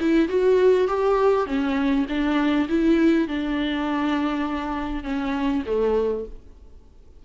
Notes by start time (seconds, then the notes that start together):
0.00 E4
0.28 F#4
0.87 G4
1.46 C#4
2.08 D4
2.69 E4
3.28 D4
5.04 C#4
5.66 A3